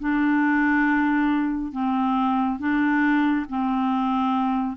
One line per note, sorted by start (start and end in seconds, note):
0.00 1.72 D4
1.72 2.59 C4
2.59 3.46 D4
3.49 4.77 C4